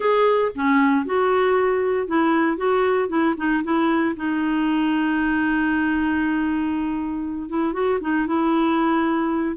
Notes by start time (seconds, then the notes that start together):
0.00 G#4
0.55 C#4
1.05 F#4
2.07 E4
2.57 F#4
3.08 E4
3.37 D#4
3.63 E4
4.16 D#4
7.49 E4
7.73 F#4
8.00 D#4
8.26 E4